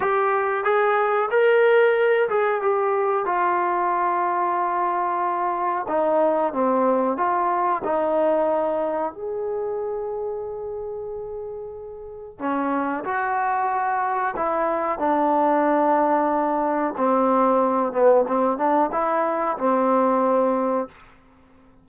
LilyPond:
\new Staff \with { instrumentName = "trombone" } { \time 4/4 \tempo 4 = 92 g'4 gis'4 ais'4. gis'8 | g'4 f'2.~ | f'4 dis'4 c'4 f'4 | dis'2 gis'2~ |
gis'2. cis'4 | fis'2 e'4 d'4~ | d'2 c'4. b8 | c'8 d'8 e'4 c'2 | }